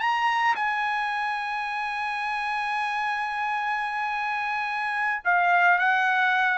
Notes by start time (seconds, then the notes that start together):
0.00 A#5
0.55 G#5
5.25 F5
5.79 F#5